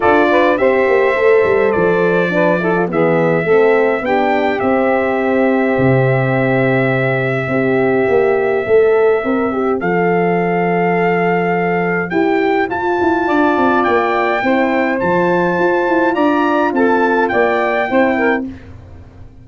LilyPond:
<<
  \new Staff \with { instrumentName = "trumpet" } { \time 4/4 \tempo 4 = 104 d''4 e''2 d''4~ | d''4 e''2 g''4 | e''1~ | e''1~ |
e''4 f''2.~ | f''4 g''4 a''2 | g''2 a''2 | ais''4 a''4 g''2 | }
  \new Staff \with { instrumentName = "saxophone" } { \time 4/4 a'8 b'8 c''2. | b'8 a'8 gis'4 a'4 g'4~ | g'1~ | g'4 c''2.~ |
c''1~ | c''2. d''4~ | d''4 c''2. | d''4 a'4 d''4 c''8 ais'8 | }
  \new Staff \with { instrumentName = "horn" } { \time 4/4 f'4 g'4 a'2 | d'8 e'16 f'16 b4 c'4 d'4 | c'1~ | c'4 g'2 a'4 |
ais'8 g'8 a'2.~ | a'4 g'4 f'2~ | f'4 e'4 f'2~ | f'2. e'4 | }
  \new Staff \with { instrumentName = "tuba" } { \time 4/4 d'4 c'8 ais8 a8 g8 f4~ | f4 e4 a4 b4 | c'2 c2~ | c4 c'4 ais4 a4 |
c'4 f2.~ | f4 e'4 f'8 e'8 d'8 c'8 | ais4 c'4 f4 f'8 e'8 | d'4 c'4 ais4 c'4 | }
>>